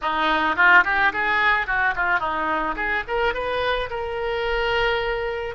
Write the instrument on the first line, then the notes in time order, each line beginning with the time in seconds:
oboe
0.02 D#4
0.56 F4
0.84 G4
1.12 G#4
1.66 F#4
1.95 F4
2.19 D#4
2.76 G#4
3.07 A#4
3.33 B4
3.90 A#4